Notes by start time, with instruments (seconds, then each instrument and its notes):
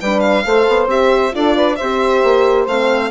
0.00 bassoon G3, horn D4, saxophone B4, violin G5
0.20 violin F5
0.45 bassoon A3, horn A4, saxophone C5
0.69 bassoon B3
0.87 bassoon C4, horn G4, violin E5
1.31 bassoon D4, horn F4, saxophone A4, violin D5
1.55 saxophone B4
1.76 bassoon C4, horn G4, saxophone C5, violin E5
2.24 bassoon A#3
2.67 bassoon A3, horn C4, violin F5